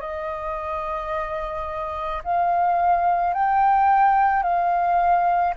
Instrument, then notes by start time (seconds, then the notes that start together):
flute
0.00 D#5
2.24 F5
3.33 G5
4.42 F5